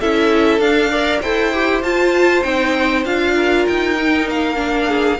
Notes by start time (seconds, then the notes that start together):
0.00 C#4 E4 A4 E5
0.59 D4 F5
0.91 A#4 D5
1.20 E4 A4 C5 G5
1.53 G4
1.83 F4 A5
2.43 C4 D#4 G5
3.05 D4 F4 F5
3.35 A#4
3.67 D#4 G5
3.98 D#4
4.28 A#3 F5
4.55 D4
4.88 G#4